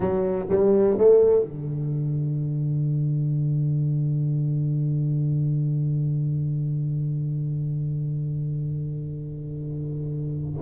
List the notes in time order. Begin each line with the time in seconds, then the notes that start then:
0.00 F#3
0.49 G3
0.97 A3
1.44 D3